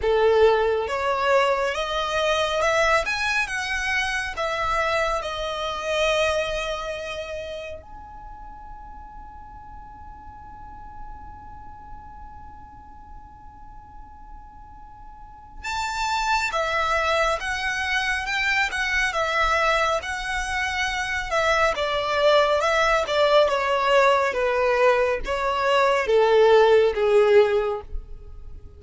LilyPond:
\new Staff \with { instrumentName = "violin" } { \time 4/4 \tempo 4 = 69 a'4 cis''4 dis''4 e''8 gis''8 | fis''4 e''4 dis''2~ | dis''4 gis''2.~ | gis''1~ |
gis''2 a''4 e''4 | fis''4 g''8 fis''8 e''4 fis''4~ | fis''8 e''8 d''4 e''8 d''8 cis''4 | b'4 cis''4 a'4 gis'4 | }